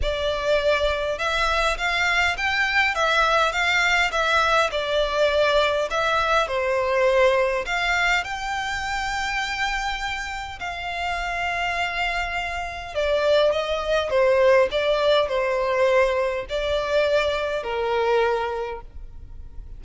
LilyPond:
\new Staff \with { instrumentName = "violin" } { \time 4/4 \tempo 4 = 102 d''2 e''4 f''4 | g''4 e''4 f''4 e''4 | d''2 e''4 c''4~ | c''4 f''4 g''2~ |
g''2 f''2~ | f''2 d''4 dis''4 | c''4 d''4 c''2 | d''2 ais'2 | }